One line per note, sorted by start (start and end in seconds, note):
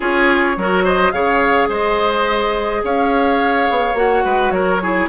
0.00 0.56 C#4
0.00 0.56 F4
0.00 0.56 G#4
0.00 0.85 C#5
0.56 1.12 F#3
0.56 1.13 F#4
0.56 0.83 A#4
0.83 1.12 C5
0.83 1.11 D#5
1.11 1.69 C#3
1.11 3.96 G#4
1.11 1.69 C#5
1.11 1.68 F5
1.69 2.82 G#3
1.69 2.82 C5
1.69 2.84 D#5
2.83 3.68 C#4
2.83 4.24 C#5
2.83 3.97 F5
3.70 3.94 B3
3.94 4.22 A#3
3.94 4.81 F#4
3.94 4.50 F#5
4.24 4.50 G#3
4.24 4.52 B4
4.50 5.07 F#3
4.50 4.82 A#4
4.50 5.07 C#5
4.82 5.09 E4
4.82 5.09 G#4